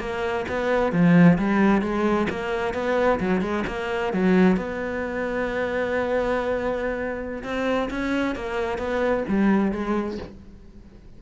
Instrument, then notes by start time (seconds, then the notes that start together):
cello
0.00 A#3
0.49 B3
0.92 F3
1.39 G3
1.82 G#3
2.30 A#3
2.74 B3
3.20 F#3
3.41 G#3
3.67 A#3
4.13 F#3
4.57 B3
7.44 C4
7.90 C#4
8.36 A#3
8.78 B3
9.28 G3
9.72 G#3